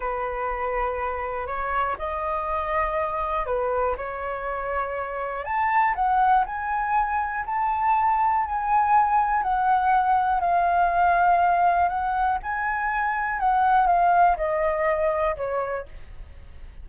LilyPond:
\new Staff \with { instrumentName = "flute" } { \time 4/4 \tempo 4 = 121 b'2. cis''4 | dis''2. b'4 | cis''2. a''4 | fis''4 gis''2 a''4~ |
a''4 gis''2 fis''4~ | fis''4 f''2. | fis''4 gis''2 fis''4 | f''4 dis''2 cis''4 | }